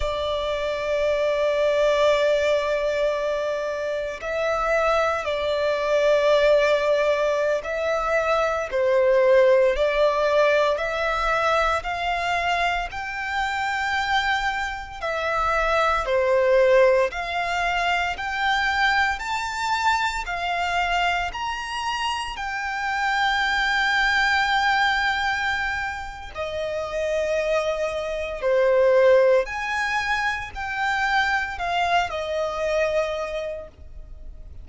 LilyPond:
\new Staff \with { instrumentName = "violin" } { \time 4/4 \tempo 4 = 57 d''1 | e''4 d''2~ d''16 e''8.~ | e''16 c''4 d''4 e''4 f''8.~ | f''16 g''2 e''4 c''8.~ |
c''16 f''4 g''4 a''4 f''8.~ | f''16 ais''4 g''2~ g''8.~ | g''4 dis''2 c''4 | gis''4 g''4 f''8 dis''4. | }